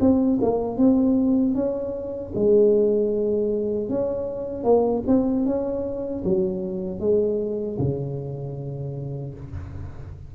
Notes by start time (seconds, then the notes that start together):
0.00 C4
0.42 A#3
0.78 C4
1.55 C#4
2.35 G#3
3.89 C#4
4.64 A#3
5.07 C4
5.46 C#4
6.24 F#3
7.00 G#3
7.79 C#3